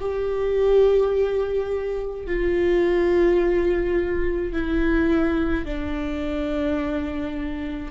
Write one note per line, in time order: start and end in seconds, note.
0.00 2.26 G4
2.26 4.52 F4
4.52 5.65 E4
5.65 7.91 D4